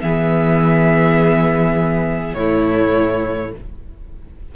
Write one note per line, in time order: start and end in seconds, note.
0.00 2.34 E3
0.00 2.37 B3
0.00 2.37 G#4
0.00 2.34 E5
2.34 3.51 A2
2.34 3.55 A3
2.34 3.55 E4
2.34 3.52 C#5